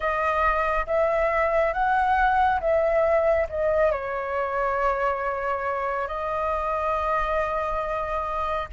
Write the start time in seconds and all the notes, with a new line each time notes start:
0.00 D#5
0.86 E5
1.73 F#5
2.60 E5
3.49 D#5
3.91 C#5
6.07 D#5